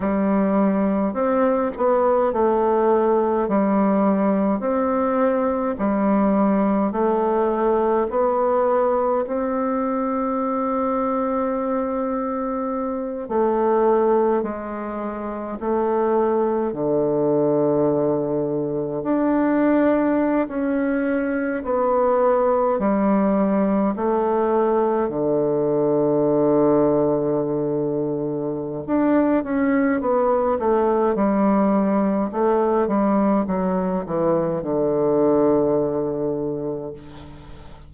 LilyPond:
\new Staff \with { instrumentName = "bassoon" } { \time 4/4 \tempo 4 = 52 g4 c'8 b8 a4 g4 | c'4 g4 a4 b4 | c'2.~ c'8 a8~ | a8 gis4 a4 d4.~ |
d8 d'4~ d'16 cis'4 b4 g16~ | g8. a4 d2~ d16~ | d4 d'8 cis'8 b8 a8 g4 | a8 g8 fis8 e8 d2 | }